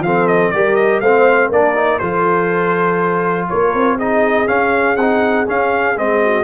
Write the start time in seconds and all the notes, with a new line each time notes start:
0.00 F3 C4 A4 F5
0.27 D#5
0.51 G3 G4 A#4 D5
0.76 D#5
1.01 A3 C4 C5 F5
1.48 A#3 D4 A#4 D5
1.76 D#4
1.99 F3 F4 A4 C5
3.49 A#3 A#4 C#5
3.74 C4
3.96 D#4 G#4 D#5
4.47 C#4 F5
4.96 C4 D#4 F#5
5.46 C#4 F5
5.97 G#3 C4 D#5
6.23 F#4